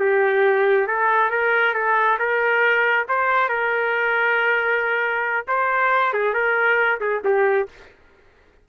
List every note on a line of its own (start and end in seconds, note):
0.00 0.88 G4
0.88 1.31 A4
1.31 1.75 A#4
1.75 2.18 A4
2.19 3.07 A#4
3.09 3.49 C5
3.49 5.46 A#4
5.48 6.13 C5
6.13 6.34 G#4
6.34 7.00 A#4
7.01 7.22 G#4
7.25 7.69 G4